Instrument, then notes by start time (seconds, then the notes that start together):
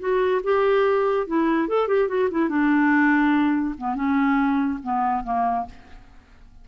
clarinet
0.00 F#4
0.44 G4
1.27 E4
1.69 A4
1.88 G4
2.08 F#4
2.31 E4
2.50 D4
3.78 B3
3.96 C#4
4.83 B3
5.24 A#3